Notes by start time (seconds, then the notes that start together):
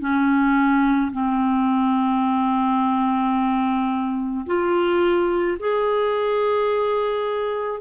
0.00 C#4
1.12 C4
4.46 F4
5.59 G#4